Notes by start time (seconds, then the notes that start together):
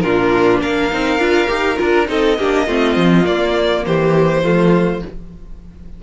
0.00 A#2 D4 F4 A#4
0.61 A#3 A#4 F5
0.91 C4 D#4
1.18 D4 F4
1.47 D#4 G4
1.76 D4 F4 A#4
2.06 C4 D#4 A4 D#5
2.38 A#3 D4 G4
2.67 A3 C4 F4
2.96 F3
3.24 A#3 D5
3.85 E3 G4 C5
4.43 F3 A3 F4